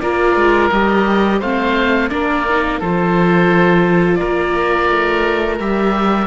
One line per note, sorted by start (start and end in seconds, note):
0.00 0.36 A#3
0.00 0.72 F4
0.00 1.39 A#4
0.00 0.70 D5
0.36 0.70 G#3
0.71 1.41 G3
0.71 1.42 G4
0.71 1.41 D#5
1.39 2.11 A3
1.39 2.10 C4
1.39 2.09 C5
1.39 2.09 F5
2.09 2.81 A#3
2.09 2.45 D4
2.09 2.79 A#4
2.09 2.79 D5
2.49 2.82 D#4
2.79 4.21 F3
2.79 5.59 F4
2.79 4.19 A4
2.79 4.15 C5
4.15 6.27 A#4
4.15 5.55 D5
4.22 4.90 A#3
4.90 5.59 A3
5.59 6.27 G3
5.59 6.27 G4
5.59 6.27 E5